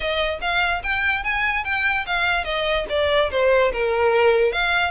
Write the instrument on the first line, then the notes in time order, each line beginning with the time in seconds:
violin
0.00 D#5
0.41 F5
0.83 G5
1.23 G#5
1.64 G5
2.06 F5
2.44 D#5
2.89 D5
3.30 C5
3.72 A#4
4.52 F5